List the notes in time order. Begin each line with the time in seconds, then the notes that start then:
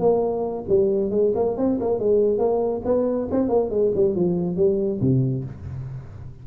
0.00 A#3
0.69 G3
1.11 G#3
1.36 A#3
1.58 C4
1.81 A#3
1.99 G#3
2.39 A#3
2.85 B3
3.31 C4
3.49 A#3
3.70 G#3
3.95 G3
4.16 F3
4.57 G3
5.01 C3